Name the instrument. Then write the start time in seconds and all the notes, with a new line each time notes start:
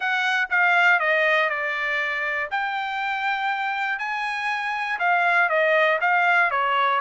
trumpet
0.00 F#5
0.50 F5
0.99 D#5
1.49 D5
2.50 G5
3.99 G#5
4.99 F5
5.49 D#5
6.00 F5
6.50 C#5